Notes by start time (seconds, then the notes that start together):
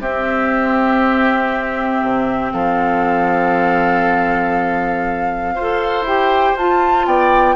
0.00 C4 G4 E5
2.02 C3
2.52 F3 A4 F5
5.55 F4 A4 C5
6.02 E4 G4 G5
6.56 F4 A5
7.06 B3 D5 G5